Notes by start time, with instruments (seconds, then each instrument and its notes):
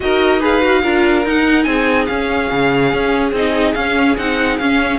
0.00 cello D#4, viola F#4, violin A#4 D#5
0.40 viola G#4, violin B4 F5
0.61 viola F#4
0.82 cello D4, viola F4, violin A#4
1.25 cello D#4, viola D#4, violin F#5
1.63 cello C4, violin G#4 G#5
2.06 cello C#4, viola C#4, violin F5
2.51 cello C#3
2.93 cello C#4
3.32 cello C4, viola D#4, violin D#5
3.74 viola C#4, cello C#4, violin F5
4.17 cello C4, viola D#4, violin F#5
4.58 cello C#4, viola C#4, violin F5